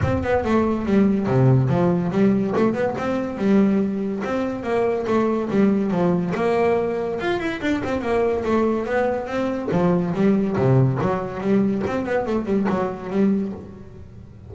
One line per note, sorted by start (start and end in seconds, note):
0.02 0.23 C4
0.23 0.44 B3
0.44 0.85 A3
0.85 1.26 G3
1.26 1.68 C3
1.68 2.10 F3
2.11 2.53 G3
2.56 2.73 A3
2.73 2.94 B3
2.98 3.37 C4
3.37 4.22 G3
4.23 4.63 C4
4.63 5.05 A#3
5.06 5.49 A3
5.50 5.90 G3
5.90 6.33 F3
6.34 7.19 A#3
7.20 7.39 F4
7.39 7.61 E4
7.61 7.82 D4
7.83 8.01 C4
8.01 8.43 A#3
8.44 8.86 A3
8.86 9.27 B3
9.27 9.69 C4
9.71 10.13 F3
10.14 10.56 G3
10.56 10.99 C3
11.01 11.40 F#3
11.40 11.82 G3
11.86 12.05 C4
12.05 12.26 B3
12.26 12.45 A3
12.45 12.66 G3
12.69 13.10 F#3
13.10 13.52 G3